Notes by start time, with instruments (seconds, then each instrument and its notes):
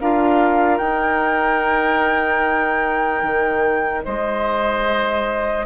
0.00 bassoon D4, clarinet F4, oboe A#4, flute F5
0.78 bassoon D#4, clarinet D#4, flute G5
3.23 bassoon D#3
4.04 bassoon G#3, oboe C5, flute D#5